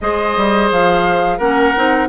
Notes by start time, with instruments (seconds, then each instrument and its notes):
0.00 bassoon G#3, clarinet G#4, oboe C5, flute D#5
0.36 bassoon G3
0.71 bassoon F3, flute F5
1.38 bassoon A#3, clarinet C#4, oboe A#4, flute F#5
1.75 bassoon C4, clarinet D#4